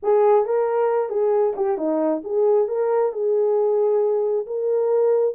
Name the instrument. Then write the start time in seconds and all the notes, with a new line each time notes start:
horn
0.02 G#4
0.45 A#4
1.09 G#4
1.56 G4
1.77 D#4
2.24 G#4
2.67 A#4
3.12 G#4
4.46 A#4